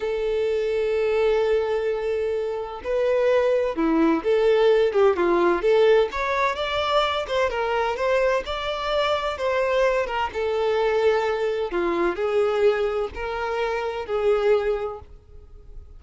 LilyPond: \new Staff \with { instrumentName = "violin" } { \time 4/4 \tempo 4 = 128 a'1~ | a'2 b'2 | e'4 a'4. g'8 f'4 | a'4 cis''4 d''4. c''8 |
ais'4 c''4 d''2 | c''4. ais'8 a'2~ | a'4 f'4 gis'2 | ais'2 gis'2 | }